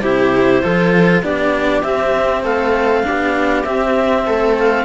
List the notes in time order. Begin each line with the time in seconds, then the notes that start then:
0.00 C3 E4 G4 C5
0.63 F3 F4 A4
1.22 B3 D4 G4 D5
1.82 C4 E5
2.43 A3 A4 F5
3.03 D4 G4
3.10 B3
3.64 C4 E5
4.26 A3 A4
4.59 F5